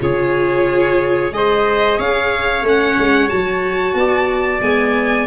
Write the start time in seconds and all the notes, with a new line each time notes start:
0.00 C#3 F4 G#4 C#5
1.32 G#3 G#4 C5 D#5
1.98 C#4 C#5 F5
2.63 A3 C#4 F#5
2.98 G#3
3.29 F#3 F#4 A5
3.94 B3 D5
4.61 G#3 B3 G#5